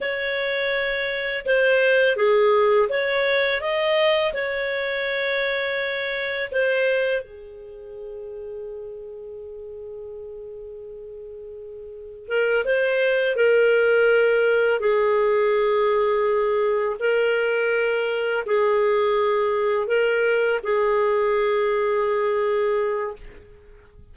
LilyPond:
\new Staff \with { instrumentName = "clarinet" } { \time 4/4 \tempo 4 = 83 cis''2 c''4 gis'4 | cis''4 dis''4 cis''2~ | cis''4 c''4 gis'2~ | gis'1~ |
gis'4 ais'8 c''4 ais'4.~ | ais'8 gis'2. ais'8~ | ais'4. gis'2 ais'8~ | ais'8 gis'2.~ gis'8 | }